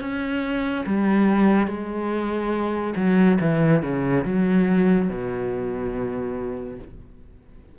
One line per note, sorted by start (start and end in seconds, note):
0.00 0.85 C#4
0.86 1.67 G3
1.67 2.94 G#3
2.96 3.38 F#3
3.40 3.82 E3
3.82 4.24 C#3
4.25 5.09 F#3
5.09 6.78 B2